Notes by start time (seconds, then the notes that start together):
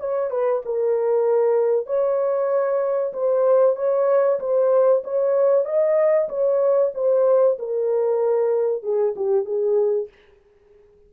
0.00 C#5
0.30 B4
0.65 A#4
1.87 C#5
3.13 C5
3.76 C#5
4.40 C5
5.04 C#5
5.65 D#5
6.29 C#5
6.95 C5
7.59 A#4
8.83 G#4
9.16 G4
9.45 G#4